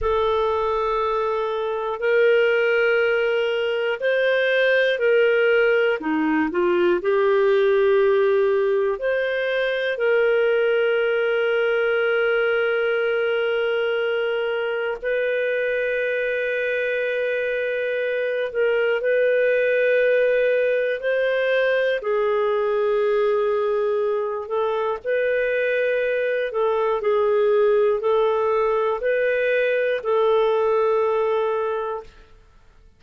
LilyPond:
\new Staff \with { instrumentName = "clarinet" } { \time 4/4 \tempo 4 = 60 a'2 ais'2 | c''4 ais'4 dis'8 f'8 g'4~ | g'4 c''4 ais'2~ | ais'2. b'4~ |
b'2~ b'8 ais'8 b'4~ | b'4 c''4 gis'2~ | gis'8 a'8 b'4. a'8 gis'4 | a'4 b'4 a'2 | }